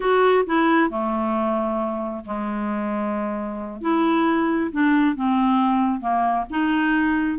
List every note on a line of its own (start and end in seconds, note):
0.00 0.44 F#4
0.46 0.90 E4
0.90 2.24 A3
2.25 3.81 G#3
3.81 4.71 E4
4.71 5.15 D4
5.15 6.00 C4
6.00 6.45 A#3
6.50 7.38 D#4